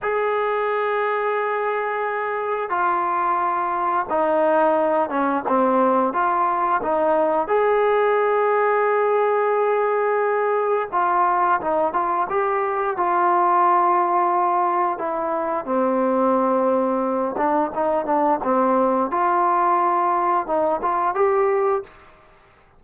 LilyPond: \new Staff \with { instrumentName = "trombone" } { \time 4/4 \tempo 4 = 88 gis'1 | f'2 dis'4. cis'8 | c'4 f'4 dis'4 gis'4~ | gis'1 |
f'4 dis'8 f'8 g'4 f'4~ | f'2 e'4 c'4~ | c'4. d'8 dis'8 d'8 c'4 | f'2 dis'8 f'8 g'4 | }